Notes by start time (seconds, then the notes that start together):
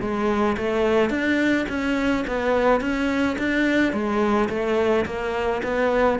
0.00 G#3
0.57 A3
1.10 D4
1.68 C#4
2.27 B3
2.81 C#4
3.38 D4
3.93 G#3
4.49 A3
5.05 A#3
5.63 B3